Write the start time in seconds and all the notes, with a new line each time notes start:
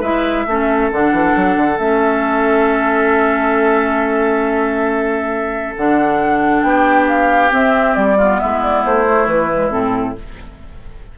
0.00 G#3 E4 B4 E5
0.46 A3 C#4 A4
0.92 D3 D4 F#5
1.12 E3
1.35 F#3
1.56 D3
1.78 A3 C#4 E5
5.76 D3 D4 F#5
6.62 B3 G4 G5
7.08 F5
7.50 C4 E5
7.95 G3 D5
8.18 B3 F4
8.39 G#3 E4 E5
8.62 D5
8.85 A3 C5
9.06 A3
9.26 E3 B4
9.51 G#3
9.70 A2 C4 A4